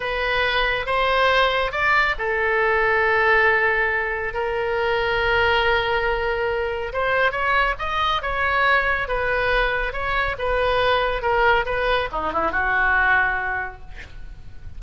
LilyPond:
\new Staff \with { instrumentName = "oboe" } { \time 4/4 \tempo 4 = 139 b'2 c''2 | d''4 a'2.~ | a'2 ais'2~ | ais'1 |
c''4 cis''4 dis''4 cis''4~ | cis''4 b'2 cis''4 | b'2 ais'4 b'4 | dis'8 e'8 fis'2. | }